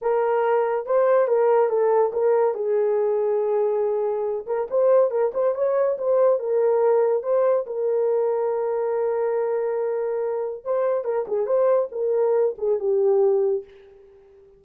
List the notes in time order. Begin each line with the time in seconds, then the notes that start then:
0.01 A#4
0.85 C5
1.27 A#4
1.69 A4
2.12 A#4
2.54 G#4
4.46 A#4
4.70 C5
5.10 A#4
5.33 C5
5.54 C#5
5.98 C5
6.39 A#4
7.22 C5
7.66 A#4
10.64 C5
11.04 A#4
11.27 G#4
11.46 C5
11.91 A#4
12.58 G#4
12.79 G4